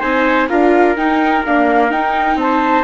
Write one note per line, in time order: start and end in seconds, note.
0.00 0.49 C4
0.00 0.48 D#4
0.00 0.47 C5
0.00 0.48 G#5
0.49 0.96 D4
0.49 0.96 F4
0.49 2.39 A#4
0.49 0.96 F5
0.96 1.43 D#4
0.96 1.44 D#4
0.96 1.44 G5
1.45 1.91 A#3
1.45 1.90 D4
1.45 1.91 F5
1.90 2.36 D#4
1.90 2.84 D#4
1.90 2.38 G5
2.36 2.83 C4
2.36 2.84 A5
2.43 2.84 C5